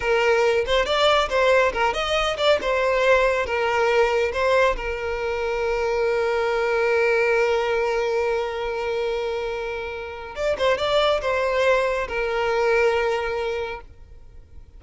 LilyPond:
\new Staff \with { instrumentName = "violin" } { \time 4/4 \tempo 4 = 139 ais'4. c''8 d''4 c''4 | ais'8 dis''4 d''8 c''2 | ais'2 c''4 ais'4~ | ais'1~ |
ais'1~ | ais'1 | d''8 c''8 d''4 c''2 | ais'1 | }